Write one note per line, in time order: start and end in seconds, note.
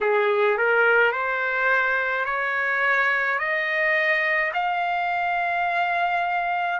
0.01 0.57 G#4
0.57 1.12 A#4
1.12 2.25 C5
2.25 3.38 C#5
3.39 4.52 D#5
4.53 6.79 F5